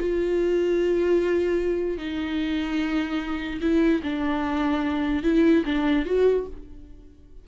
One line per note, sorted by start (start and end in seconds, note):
0.00 1.98 F4
1.98 3.60 D#4
3.61 4.02 E4
4.03 5.23 D4
5.23 5.64 E4
5.66 6.06 D4
6.06 6.46 F#4